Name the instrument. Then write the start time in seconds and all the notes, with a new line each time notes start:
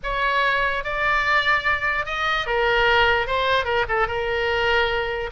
oboe
0.03 C#5
0.83 D5
2.05 D#5
2.46 A#4
3.27 C5
3.65 A#4
3.88 A4
4.07 A#4